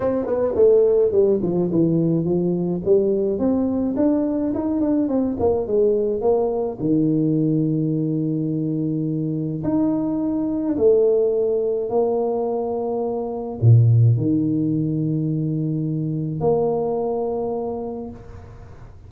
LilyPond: \new Staff \with { instrumentName = "tuba" } { \time 4/4 \tempo 4 = 106 c'8 b8 a4 g8 f8 e4 | f4 g4 c'4 d'4 | dis'8 d'8 c'8 ais8 gis4 ais4 | dis1~ |
dis4 dis'2 a4~ | a4 ais2. | ais,4 dis2.~ | dis4 ais2. | }